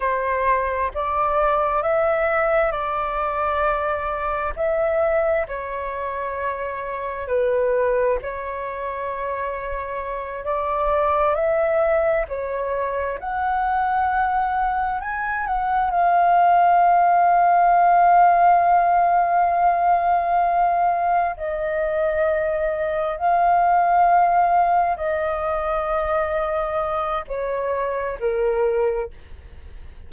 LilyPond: \new Staff \with { instrumentName = "flute" } { \time 4/4 \tempo 4 = 66 c''4 d''4 e''4 d''4~ | d''4 e''4 cis''2 | b'4 cis''2~ cis''8 d''8~ | d''8 e''4 cis''4 fis''4.~ |
fis''8 gis''8 fis''8 f''2~ f''8~ | f''2.~ f''8 dis''8~ | dis''4. f''2 dis''8~ | dis''2 cis''4 ais'4 | }